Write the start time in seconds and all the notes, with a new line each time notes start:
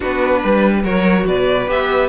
0.00 B3 D4 F#4 B4
0.40 G3 B4
0.84 F#3 F#4 A#4 C#5
1.26 B2 B4 D5
1.67 B3 G4 E5